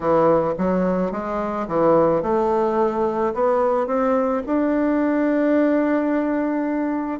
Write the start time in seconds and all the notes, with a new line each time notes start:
0.00 E3
0.58 F#3
1.11 G#3
1.67 E3
2.22 A3
3.33 B3
3.86 C4
4.46 D4